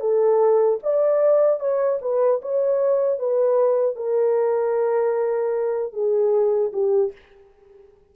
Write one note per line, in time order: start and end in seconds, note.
0.00 0.79 A4
0.83 1.59 D5
1.59 1.99 C#5
2.01 2.40 B4
2.42 3.19 C#5
3.19 3.95 B4
3.95 5.92 A#4
5.92 6.71 G#4
6.72 7.12 G4